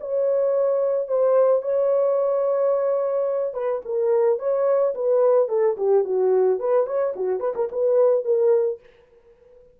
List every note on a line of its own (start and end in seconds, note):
0.00 1.07 C#5
1.07 1.62 C5
1.62 3.54 C#5
3.54 3.81 B4
3.85 4.38 A#4
4.38 4.93 C#5
4.94 5.48 B4
5.48 5.76 A4
5.77 6.04 G4
6.04 6.59 F#4
6.59 6.86 B4
6.86 7.14 C#5
7.16 7.40 F#4
7.40 7.53 B4
7.55 7.69 A#4
7.72 8.24 B4
8.24 8.79 A#4